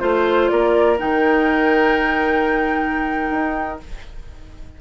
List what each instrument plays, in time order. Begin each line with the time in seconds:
0.00 bassoon A3, clarinet F4, flute C5, oboe C5
0.48 bassoon A#3, oboe A#4, flute D5
0.98 bassoon D#3, clarinet D#4, flute G5
3.31 bassoon D#4